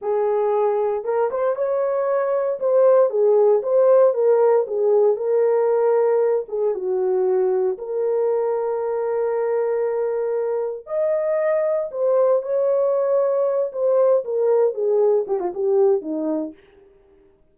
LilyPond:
\new Staff \with { instrumentName = "horn" } { \time 4/4 \tempo 4 = 116 gis'2 ais'8 c''8 cis''4~ | cis''4 c''4 gis'4 c''4 | ais'4 gis'4 ais'2~ | ais'8 gis'8 fis'2 ais'4~ |
ais'1~ | ais'4 dis''2 c''4 | cis''2~ cis''8 c''4 ais'8~ | ais'8 gis'4 g'16 f'16 g'4 dis'4 | }